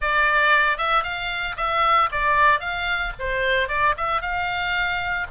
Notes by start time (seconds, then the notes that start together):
0.01 D5
0.77 E5
1.03 F5
1.56 E5
2.11 D5
2.60 F5
3.19 C5
3.68 D5
3.97 E5
4.21 F5